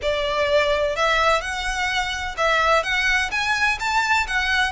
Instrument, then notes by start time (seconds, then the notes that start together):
violin
0.02 D5
0.96 E5
1.41 F#5
2.37 E5
2.83 F#5
3.31 G#5
3.79 A5
4.27 F#5